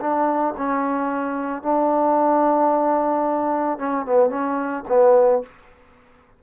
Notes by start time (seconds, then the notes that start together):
0.00 D4
0.57 C#4
1.62 D4
3.78 C#4
4.05 B3
4.29 C#4
4.88 B3